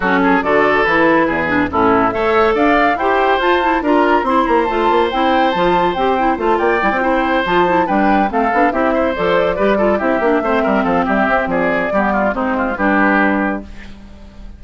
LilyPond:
<<
  \new Staff \with { instrumentName = "flute" } { \time 4/4 \tempo 4 = 141 a'4 d''4 b'2 | a'4 e''4 f''4 g''4 | a''4 ais''4 c'''8 ais''8 a''4 | g''4 a''4 g''4 a''8 g''8~ |
g''4. a''4 g''4 f''8~ | f''8 e''4 d''2 e''8~ | e''4. f''8 e''4 d''4~ | d''4 c''4 b'2 | }
  \new Staff \with { instrumentName = "oboe" } { \time 4/4 fis'8 gis'8 a'2 gis'4 | e'4 cis''4 d''4 c''4~ | c''4 ais'4 c''2~ | c''2.~ c''8 d''8~ |
d''8 c''2 b'4 a'8~ | a'8 g'8 c''4. b'8 a'8 g'8~ | g'8 c''8 ais'8 a'8 g'4 gis'4 | g'8 f'8 dis'8 f'8 g'2 | }
  \new Staff \with { instrumentName = "clarinet" } { \time 4/4 cis'4 fis'4 e'4. d'8 | cis'4 a'2 g'4 | f'8 e'8 f'4 e'4 f'4 | e'4 f'4 g'8 e'8 f'4 |
e'16 f'16 e'4 f'8 e'8 d'4 c'8 | d'8 e'4 a'4 g'8 f'8 e'8 | d'8 c'2.~ c'8 | b4 c'4 d'2 | }
  \new Staff \with { instrumentName = "bassoon" } { \time 4/4 fis4 d4 e4 e,4 | a,4 a4 d'4 e'4 | f'4 d'4 c'8 ais8 a8 ais8 | c'4 f4 c'4 a8 ais8 |
g16 c'4~ c'16 f4 g4 a8 | b8 c'4 f4 g4 c'8 | ais8 a8 g8 f8 g8 c'8 f4 | g4 gis4 g2 | }
>>